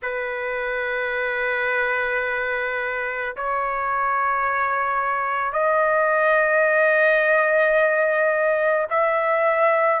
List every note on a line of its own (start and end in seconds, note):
0.02 3.35 B4
3.36 5.53 C#5
5.53 8.86 D#5
8.89 10.00 E5